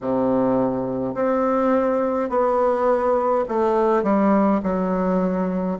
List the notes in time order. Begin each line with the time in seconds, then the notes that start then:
0.01 C3
1.14 C4
2.29 B3
3.48 A3
4.03 G3
4.63 F#3